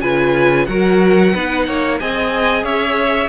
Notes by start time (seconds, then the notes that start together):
0.00 C#3 F4 B4 G#5
0.65 F#3 F#4 A#4 F#5
1.33 B3 D#4 B4
1.66 A#3 C#5
1.99 C4 G#4 D#5 G#5
2.63 C#4 C#5 E5